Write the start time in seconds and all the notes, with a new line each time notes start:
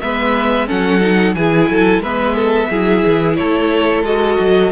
0.00 G#3 B3 B4 E5
0.66 F#3 C#4 A4 F#5
1.00 D#4
1.34 E3 E4 G#4 G#5
1.69 F#3 A4
1.98 G#3 B3 B4 E5
2.35 A4
2.70 F#3 E4 G#4
3.05 E3
3.36 A3 A4 C#5
4.02 G#3 F#4 D#5
4.39 F#3